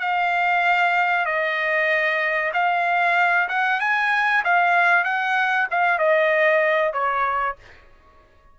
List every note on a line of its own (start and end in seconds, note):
0.00 1.26 F5
1.26 2.52 D#5
2.53 3.48 F5
3.49 3.80 F#5
3.81 4.44 G#5
4.44 5.04 F5
5.04 5.68 F#5
5.71 5.99 F5
5.99 6.93 D#5
6.93 7.56 C#5